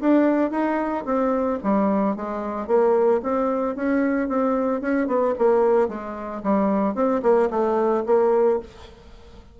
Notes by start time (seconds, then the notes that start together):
0.00 D4
0.50 D#4
1.05 C4
1.63 G3
2.16 G#3
2.67 A#3
3.23 C4
3.75 C#4
4.28 C4
4.81 C#4
5.07 B3
5.38 A#3
5.88 G#3
6.43 G3
6.94 C4
7.22 A#3
7.50 A3
8.06 A#3